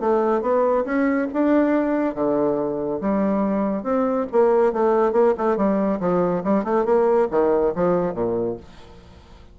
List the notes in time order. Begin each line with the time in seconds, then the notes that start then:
0.00 A3
0.41 B3
0.85 C#4
1.33 D4
2.14 D3
3.01 G3
3.83 C4
4.32 A#3
4.73 A3
5.13 A#3
5.37 A3
5.57 G3
6.00 F3
6.44 G3
6.64 A3
6.85 A#3
7.31 D#3
7.75 F3
8.14 A#2